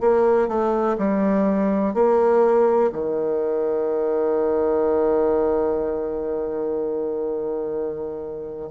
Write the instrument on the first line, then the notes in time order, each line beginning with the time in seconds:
bassoon
0.00 A#3
0.48 A3
0.98 G3
1.94 A#3
2.92 D#3